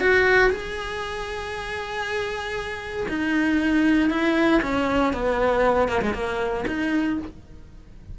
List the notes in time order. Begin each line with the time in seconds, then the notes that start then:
0.00 F#4
0.50 G#4
3.09 D#4
4.10 E4
4.62 C#4
5.14 B3
5.88 A#3
6.02 G#3
6.14 A#3
6.67 D#4